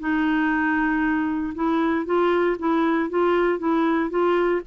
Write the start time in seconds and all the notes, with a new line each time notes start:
0.00 D#4
1.55 E4
2.06 F4
2.59 E4
3.10 F4
3.59 E4
4.10 F4